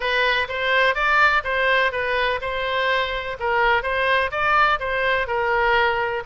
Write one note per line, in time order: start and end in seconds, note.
0.00 0.47 B4
0.48 0.94 C5
0.94 1.42 D5
1.44 1.92 C5
1.92 2.40 B4
2.41 3.37 C5
3.39 3.82 A#4
3.82 4.30 C5
4.31 4.79 D5
4.79 5.27 C5
5.27 6.23 A#4